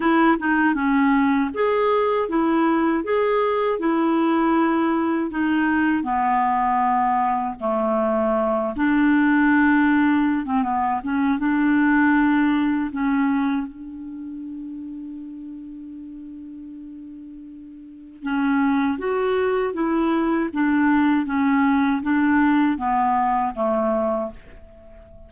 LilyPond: \new Staff \with { instrumentName = "clarinet" } { \time 4/4 \tempo 4 = 79 e'8 dis'8 cis'4 gis'4 e'4 | gis'4 e'2 dis'4 | b2 a4. d'8~ | d'4.~ d'16 c'16 b8 cis'8 d'4~ |
d'4 cis'4 d'2~ | d'1 | cis'4 fis'4 e'4 d'4 | cis'4 d'4 b4 a4 | }